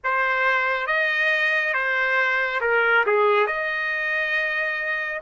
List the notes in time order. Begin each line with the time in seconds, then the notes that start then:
0.04 C5
0.86 D#5
1.73 C5
2.60 A#4
3.06 G#4
3.46 D#5